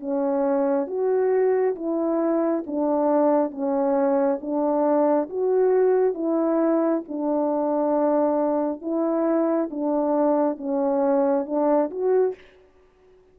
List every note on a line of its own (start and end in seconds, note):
0.00 0.87 C#4
0.87 1.76 F#4
1.76 2.64 E4
2.67 3.51 D4
3.51 4.40 C#4
4.41 5.29 D4
5.30 6.15 F#4
6.15 7.03 E4
7.08 8.82 D4
8.82 9.70 E4
9.71 10.58 D4
10.58 11.46 C#4
11.46 11.90 D4
11.91 12.35 F#4